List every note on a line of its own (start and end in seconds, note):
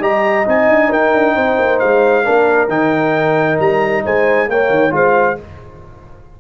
0.00 0.45 G3
0.00 0.45 G4
0.00 0.89 D#5
0.00 0.47 A#5
0.45 0.69 C4
0.45 2.24 D#4
0.45 0.92 G#5
0.69 0.91 D4
0.89 1.13 D#4
0.89 1.34 A#4
0.89 1.79 G5
1.13 1.35 D4
1.35 1.58 C4
1.35 2.25 C5
1.59 1.81 A#3
1.79 2.27 G#3
1.79 2.69 F5
2.24 2.68 A#3
2.24 2.69 D4
2.24 4.04 A#4
2.68 3.58 D#3
2.68 4.49 D#4
2.68 3.59 G5
3.59 4.04 G3
3.59 4.05 A#5
4.04 4.48 G#3
4.04 4.49 C5
4.04 4.50 G#5
4.48 4.70 A#3
4.48 4.90 A#3
4.48 4.95 C#5
4.48 4.95 G5
4.70 4.92 D#3
4.90 5.37 G#3
4.90 5.35 F4
4.90 5.40 C5
4.90 5.40 F5